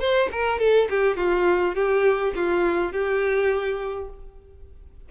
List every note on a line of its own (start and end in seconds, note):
0.00 0.29 C5
0.32 0.59 A#4
0.59 0.88 A4
0.90 1.17 G4
1.17 1.75 F4
1.75 2.33 G4
2.36 2.93 F4
2.93 4.09 G4